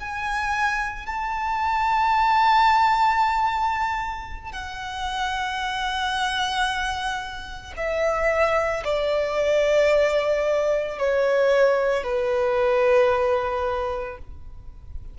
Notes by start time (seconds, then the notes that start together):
0.00 G#5
1.06 A5
4.52 F#5
7.77 E5
8.84 D5
10.99 C#5
12.04 B4